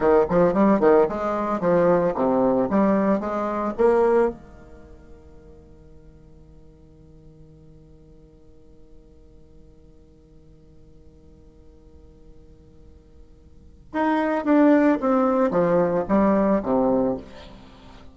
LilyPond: \new Staff \with { instrumentName = "bassoon" } { \time 4/4 \tempo 4 = 112 dis8 f8 g8 dis8 gis4 f4 | c4 g4 gis4 ais4 | dis1~ | dis1~ |
dis1~ | dis1~ | dis2 dis'4 d'4 | c'4 f4 g4 c4 | }